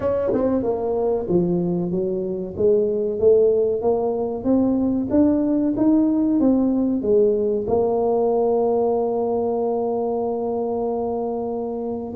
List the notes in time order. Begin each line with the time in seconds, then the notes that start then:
0.00 C#4
0.33 C4
0.62 A#3
1.29 F3
1.91 F#3
2.56 G#3
3.19 A3
3.81 A#3
4.44 C4
5.10 D4
5.76 D#4
6.40 C4
7.02 G#3
7.67 A#3